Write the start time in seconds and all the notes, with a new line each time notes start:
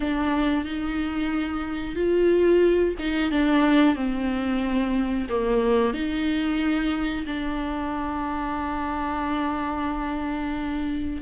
0.00 D4
0.64 D#4
1.95 F4
2.98 D#4
3.31 D4
3.95 C4
5.29 A#3
5.93 D#4
7.26 D4